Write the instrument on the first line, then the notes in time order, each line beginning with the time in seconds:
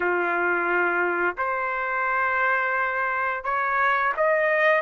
trumpet
0.00 F4
1.37 C5
3.44 C#5
4.17 D#5